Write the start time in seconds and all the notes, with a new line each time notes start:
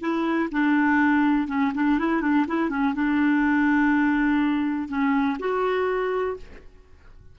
0.00 E4
0.51 D4
1.47 C#4
1.74 D4
1.98 E4
2.21 D4
2.47 E4
2.69 C#4
2.94 D4
4.88 C#4
5.39 F#4